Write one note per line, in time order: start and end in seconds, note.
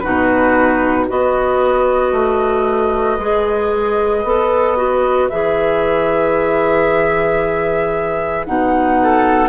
0.00 1.11 B2
0.00 1.09 D#4
0.00 1.08 F#4
0.00 1.05 B4
1.08 2.13 B3
1.08 3.19 F#4
1.08 8.98 B4
1.08 5.30 D#5
2.13 3.18 A3
3.19 4.24 G#3
3.19 4.26 G#4
4.24 5.30 B3
4.24 4.77 A4
4.77 5.30 F#4
5.30 8.48 E3
5.30 8.47 G#4
5.30 8.45 E5
8.46 9.50 B2
8.46 9.50 D#4
8.46 9.50 F#5
9.03 9.50 A4